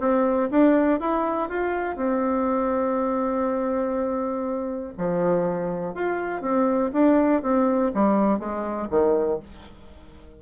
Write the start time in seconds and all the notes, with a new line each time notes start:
0.00 C4
0.51 D4
1.00 E4
1.49 F4
1.96 C4
4.98 F3
5.94 F4
6.41 C4
6.93 D4
7.42 C4
7.94 G3
8.39 G#3
8.90 D#3